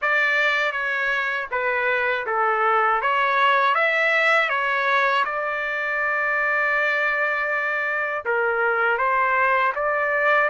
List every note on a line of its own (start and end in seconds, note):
0.01 0.72 D5
0.72 1.47 C#5
1.51 2.26 B4
2.26 3.01 A4
3.01 3.74 C#5
3.74 4.49 E5
4.49 5.24 C#5
5.25 8.25 D5
8.25 8.98 A#4
8.98 9.73 C5
9.75 10.49 D5